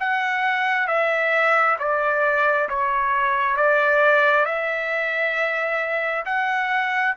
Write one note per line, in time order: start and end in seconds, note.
0.00 0.88 F#5
0.88 1.77 E5
1.79 2.69 D5
2.69 3.57 C#5
3.57 4.46 D5
4.46 6.25 E5
6.26 7.15 F#5